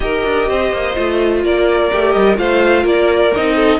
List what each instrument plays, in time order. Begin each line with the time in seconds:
0.00 cello D#4, viola G4, violin A#4 D#5
0.24 cello D4
0.48 cello C4, violin C5
0.72 cello A#3
0.95 cello A3, viola F4
1.43 cello A#3, violin A#4 D5
1.91 cello A3, viola G4
2.11 cello G3, violin D#5
2.35 cello A3, viola F4, violin C5 F5
2.82 cello A#3, violin A#4 D5
3.35 cello C4, viola D#4, violin D#5
3.55 violin A4